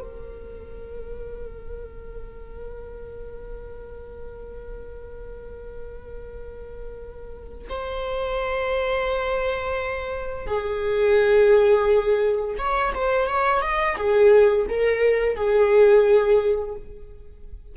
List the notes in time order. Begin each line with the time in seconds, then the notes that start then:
0.00 A#4
7.69 C5
10.46 G#4
12.58 C#5
12.95 C5
13.27 C#5
13.61 D#5
13.97 G#4
14.69 A#4
15.36 G#4